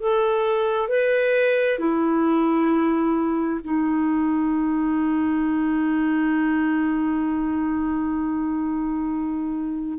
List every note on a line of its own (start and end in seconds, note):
0.00 0.89 A4
0.89 1.79 B4
1.79 3.61 E4
3.64 9.99 D#4